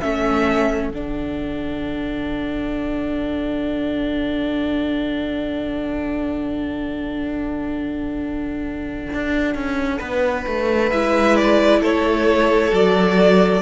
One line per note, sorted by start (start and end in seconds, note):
0.00 0.89 A3
0.00 0.92 C#4
0.00 9.98 A4
0.00 0.91 E5
0.89 9.08 D3
0.89 10.92 D4
0.89 10.91 F#5
9.13 9.54 D4
9.54 10.00 C#4
9.98 10.46 B3
9.98 11.80 B4
10.46 10.91 A3
10.91 11.81 G#3
10.91 12.71 E4
10.91 11.36 E5
11.36 11.81 D5
11.81 12.71 A3
11.81 13.61 A4
11.81 12.74 C#5
12.71 13.61 F#3
12.71 13.61 F#4
12.71 13.61 D5